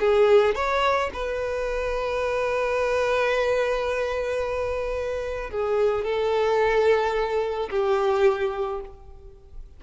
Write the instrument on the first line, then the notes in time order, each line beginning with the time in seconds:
violin
0.00 G#4
0.55 C#5
1.13 B4
5.51 G#4
6.04 A4
7.70 G4